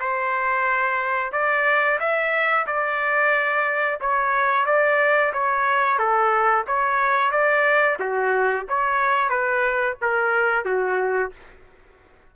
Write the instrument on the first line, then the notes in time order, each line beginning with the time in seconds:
trumpet
0.00 C5
1.32 D5
2.00 E5
2.67 D5
4.01 C#5
4.66 D5
5.33 C#5
5.99 A4
6.67 C#5
7.31 D5
7.99 F#4
8.68 C#5
9.29 B4
10.01 A#4
10.65 F#4